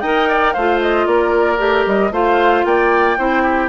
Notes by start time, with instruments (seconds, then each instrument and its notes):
0.00 bassoon D#4, clarinet A#4, oboe D#5, flute G5
0.29 oboe D5
0.53 bassoon A3, clarinet F4, oboe C5, flute F5
0.81 flute D#5
1.06 bassoon A#3, oboe A#4, flute D5
1.57 bassoon A3, clarinet G4
1.86 bassoon G3, flute D#5
2.11 bassoon A3, clarinet F4, oboe C5, flute F5
2.65 bassoon A#3, oboe D5, flute G5
3.17 bassoon C4, clarinet E4, oboe C5
3.42 oboe G4